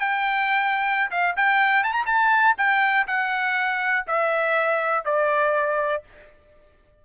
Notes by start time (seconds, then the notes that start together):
0.00 G5
1.11 F5
1.37 G5
1.84 A5
1.93 A#5
2.06 A5
2.58 G5
3.07 F#5
4.08 E5
5.05 D5